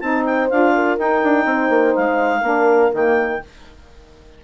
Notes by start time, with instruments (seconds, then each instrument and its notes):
0.00 bassoon C4, saxophone D#4, horn C5, clarinet A5
0.25 clarinet G5
0.49 bassoon D4, saxophone F4, clarinet F5
0.75 horn A#4
0.98 saxophone D#4, bassoon D#4, clarinet G5
1.24 bassoon D4
1.46 bassoon C4, horn C5
1.69 bassoon A#3
1.95 bassoon G#3, clarinet F5
2.41 bassoon A#3, saxophone D4, horn A#4
2.93 bassoon D#3, saxophone A#3, clarinet G5